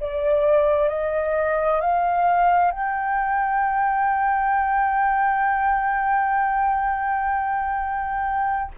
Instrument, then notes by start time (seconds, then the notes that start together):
flute
0.00 D5
0.89 D#5
1.81 F5
2.71 G5